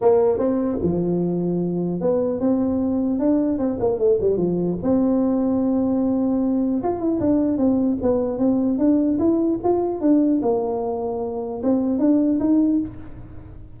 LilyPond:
\new Staff \with { instrumentName = "tuba" } { \time 4/4 \tempo 4 = 150 ais4 c'4 f2~ | f4 b4 c'2 | d'4 c'8 ais8 a8 g8 f4 | c'1~ |
c'4 f'8 e'8 d'4 c'4 | b4 c'4 d'4 e'4 | f'4 d'4 ais2~ | ais4 c'4 d'4 dis'4 | }